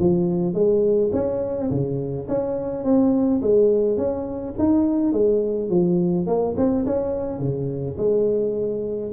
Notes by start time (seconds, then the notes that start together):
0.00 F3
0.54 G#3
1.13 C#4
1.71 C#3
2.29 C#4
2.84 C4
3.42 G#3
3.98 C#4
4.59 D#4
5.13 G#3
5.70 F3
6.27 A#3
6.57 C4
6.86 C#4
7.39 C#3
7.98 G#3